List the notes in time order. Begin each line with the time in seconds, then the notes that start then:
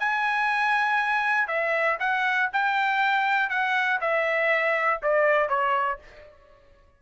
0.00 G#5
1.48 E5
2.00 F#5
2.53 G5
3.50 F#5
4.01 E5
5.03 D5
5.49 C#5